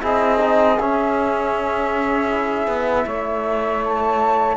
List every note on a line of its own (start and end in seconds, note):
0.00 0.78 C4
0.00 0.38 E4
0.00 3.04 G#4
0.00 0.79 D#5
0.38 0.76 D#4
0.79 2.67 C#4
0.79 2.30 C#4
0.79 3.83 E5
2.30 4.57 E4
2.67 3.05 B3
3.05 4.57 A3
3.05 4.57 C#5
3.84 4.57 A5